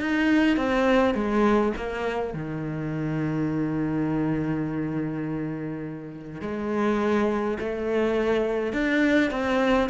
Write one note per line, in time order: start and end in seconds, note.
0.00 0.56 D#4
0.56 1.14 C4
1.14 1.72 G#3
1.76 2.33 A#3
2.33 6.41 D#3
6.41 7.57 G#3
7.59 8.72 A3
8.72 9.30 D4
9.30 9.89 C4